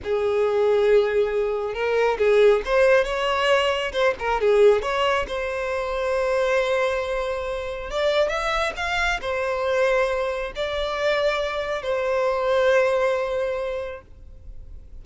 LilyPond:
\new Staff \with { instrumentName = "violin" } { \time 4/4 \tempo 4 = 137 gis'1 | ais'4 gis'4 c''4 cis''4~ | cis''4 c''8 ais'8 gis'4 cis''4 | c''1~ |
c''2 d''4 e''4 | f''4 c''2. | d''2. c''4~ | c''1 | }